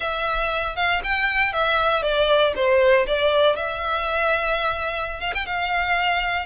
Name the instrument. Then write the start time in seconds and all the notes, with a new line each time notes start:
violin
0.00 E5
0.76 F5
1.03 G5
1.52 E5
2.02 D5
2.55 C5
3.06 D5
3.55 E5
5.20 F5
5.34 G5
5.46 F5